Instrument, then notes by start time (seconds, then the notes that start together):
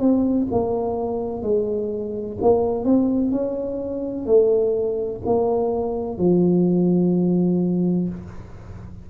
tuba
0.00 C4
0.52 A#3
1.43 G#3
2.42 A#3
2.84 C4
3.32 C#4
4.26 A3
5.26 A#3
6.19 F3